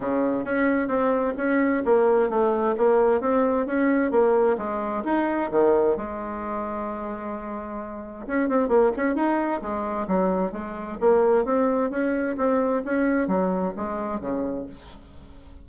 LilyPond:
\new Staff \with { instrumentName = "bassoon" } { \time 4/4 \tempo 4 = 131 cis4 cis'4 c'4 cis'4 | ais4 a4 ais4 c'4 | cis'4 ais4 gis4 dis'4 | dis4 gis2.~ |
gis2 cis'8 c'8 ais8 cis'8 | dis'4 gis4 fis4 gis4 | ais4 c'4 cis'4 c'4 | cis'4 fis4 gis4 cis4 | }